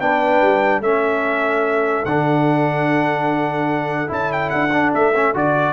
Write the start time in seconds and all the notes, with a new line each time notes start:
0.00 B3 D4 B4 G5
0.41 G3
0.80 A3 C#4 A4 E5
2.05 D3 D4 F#5
4.07 C#4 E4 A5
4.32 G5
4.50 D4 F#5
4.72 D4
4.94 A3 E5
5.15 C#4
5.34 D3 F#4 D5